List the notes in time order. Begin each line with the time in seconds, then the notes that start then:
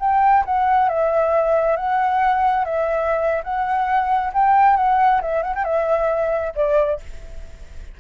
0.00 G5
0.45 F#5
0.89 E5
1.77 F#5
2.65 E5
3.44 F#5
4.34 G5
4.77 F#5
5.22 E5
5.43 F#5
5.56 G5
5.65 E5
6.56 D5